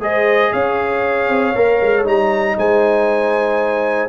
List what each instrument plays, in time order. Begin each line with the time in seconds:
0.00 tuba G#3, trombone G#4, horn C5, trumpet D#5
0.52 tuba C#4, horn C#5, trumpet F5
1.29 tuba C4
1.55 tuba A#3, trombone A#4
1.82 tuba G#3
2.04 tuba G3, trombone D#4, trumpet A#5
2.57 tuba G#3, horn C5, trumpet G#5